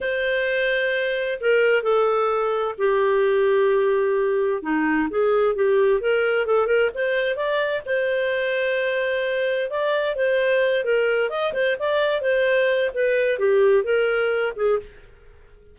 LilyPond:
\new Staff \with { instrumentName = "clarinet" } { \time 4/4 \tempo 4 = 130 c''2. ais'4 | a'2 g'2~ | g'2 dis'4 gis'4 | g'4 ais'4 a'8 ais'8 c''4 |
d''4 c''2.~ | c''4 d''4 c''4. ais'8~ | ais'8 dis''8 c''8 d''4 c''4. | b'4 g'4 ais'4. gis'8 | }